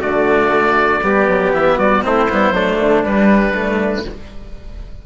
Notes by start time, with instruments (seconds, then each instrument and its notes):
0.00 bassoon D3, cello A3, trumpet F#4, oboe D5
1.03 bassoon G3, cello B3, trumpet G4
1.28 bassoon F#3
1.53 bassoon E3, oboe E5
1.78 bassoon G3, trumpet F#4, oboe D5
2.03 bassoon A3, cello C4, trumpet E4, oboe C5
2.30 bassoon G3, cello B3
2.51 bassoon F#3, cello A3, trumpet D4
2.79 bassoon D3
3.03 cello G3, bassoon G3, oboe B4
3.55 cello A3